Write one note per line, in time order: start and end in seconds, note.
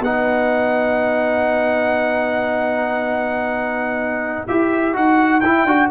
0.00 4.44 B3
0.00 4.48 D#4
0.00 5.91 B4
0.00 4.48 F#5
4.48 4.95 E4
4.48 4.94 G4
4.48 4.96 E5
4.94 5.43 D#4
4.94 5.42 F#4
4.94 5.41 F#5
5.41 5.65 E4
5.41 5.68 E4
5.41 5.89 G5
5.65 5.89 D4
5.65 5.91 F#4